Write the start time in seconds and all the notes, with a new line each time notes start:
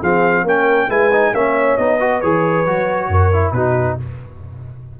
0.00 F3 C4 G#4 F5
0.44 A#3 C#4 A#4 G5
0.88 G#3 E4 B4 G#5
1.13 D#4
1.32 A#3 C#4 C#5 E5
1.77 B3 D#4 D#5
1.99 F#4 B4
2.21 E3 G#4 C#5
2.66 F#3 F#4
3.08 F#2 A#4
3.33 E4
3.52 B2 D#4 F#4 B4